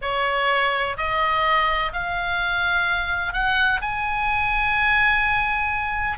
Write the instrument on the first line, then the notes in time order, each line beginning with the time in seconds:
oboe
0.01 C#5
0.97 D#5
1.92 F5
3.33 F#5
3.81 G#5